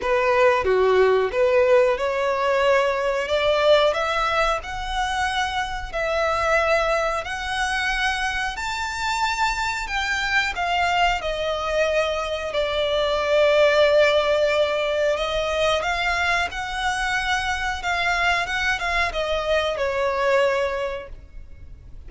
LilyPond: \new Staff \with { instrumentName = "violin" } { \time 4/4 \tempo 4 = 91 b'4 fis'4 b'4 cis''4~ | cis''4 d''4 e''4 fis''4~ | fis''4 e''2 fis''4~ | fis''4 a''2 g''4 |
f''4 dis''2 d''4~ | d''2. dis''4 | f''4 fis''2 f''4 | fis''8 f''8 dis''4 cis''2 | }